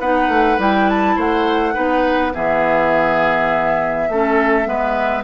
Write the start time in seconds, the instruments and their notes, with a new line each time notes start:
0.00 bassoon B3, clarinet D#4, oboe B4, flute F#5
0.28 bassoon A3
0.58 bassoon G3, clarinet E4, flute G5
0.89 flute A5
1.16 bassoon A3, oboe C5, flute F#5
1.74 bassoon B3, clarinet D#4, oboe B4
2.34 bassoon E3, clarinet B3, oboe G#4, flute E5
4.09 bassoon A3, clarinet C#4, oboe A4
4.64 bassoon G#3, clarinet B3, oboe B4